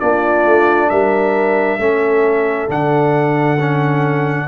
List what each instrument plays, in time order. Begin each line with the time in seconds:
0.00 tuba A#3, trombone D4, horn F4, trumpet D5
0.46 tuba A3
0.90 tuba G3, horn A#4, trumpet E5
1.78 tuba A3, trombone C#4, horn A4
2.68 tuba D3, trombone D4, trumpet F#5
3.60 trombone C#4